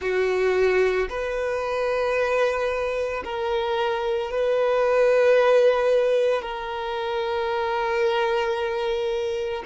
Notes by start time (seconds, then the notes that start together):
0.00 F#4
1.09 B4
3.24 A#4
4.31 B4
6.41 A#4